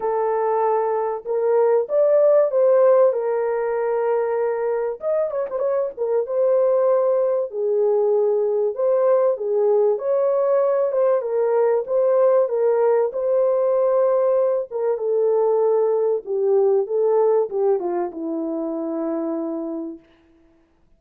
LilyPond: \new Staff \with { instrumentName = "horn" } { \time 4/4 \tempo 4 = 96 a'2 ais'4 d''4 | c''4 ais'2. | dis''8 cis''16 c''16 cis''8 ais'8 c''2 | gis'2 c''4 gis'4 |
cis''4. c''8 ais'4 c''4 | ais'4 c''2~ c''8 ais'8 | a'2 g'4 a'4 | g'8 f'8 e'2. | }